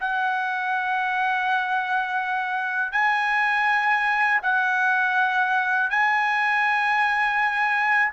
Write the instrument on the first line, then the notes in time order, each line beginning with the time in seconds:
trumpet
0.00 F#5
2.92 G#5
4.42 F#5
5.90 G#5